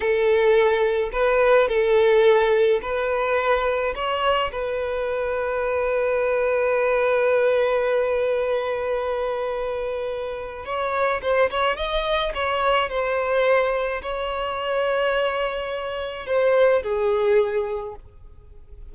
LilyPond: \new Staff \with { instrumentName = "violin" } { \time 4/4 \tempo 4 = 107 a'2 b'4 a'4~ | a'4 b'2 cis''4 | b'1~ | b'1~ |
b'2. cis''4 | c''8 cis''8 dis''4 cis''4 c''4~ | c''4 cis''2.~ | cis''4 c''4 gis'2 | }